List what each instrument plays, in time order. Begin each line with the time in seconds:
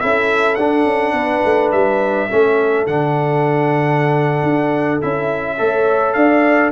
0.00 tuba C#4, trombone E4, horn A4, trumpet E5
0.56 tuba D4, trombone D4, trumpet F#5
0.85 tuba C#4
1.13 tuba B3, horn B4
1.45 tuba A3
1.72 tuba G3, trumpet E5
2.30 tuba A3, trombone C#4, horn A4
2.87 tuba D3, trombone D4, trumpet F#5
4.43 tuba D4
5.02 tuba C#4, trombone E4, trumpet E5
5.58 tuba A3, trombone A4, horn C#5
6.13 tuba D4, horn D5, trumpet F5